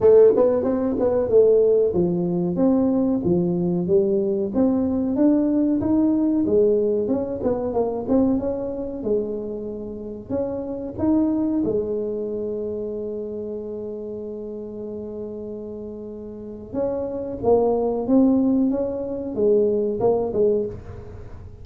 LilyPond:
\new Staff \with { instrumentName = "tuba" } { \time 4/4 \tempo 4 = 93 a8 b8 c'8 b8 a4 f4 | c'4 f4 g4 c'4 | d'4 dis'4 gis4 cis'8 b8 | ais8 c'8 cis'4 gis2 |
cis'4 dis'4 gis2~ | gis1~ | gis2 cis'4 ais4 | c'4 cis'4 gis4 ais8 gis8 | }